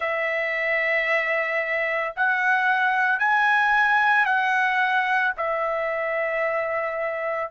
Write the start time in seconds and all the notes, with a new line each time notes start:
0.00 E5
2.15 F#5
3.19 G#5
4.25 F#5
5.37 E5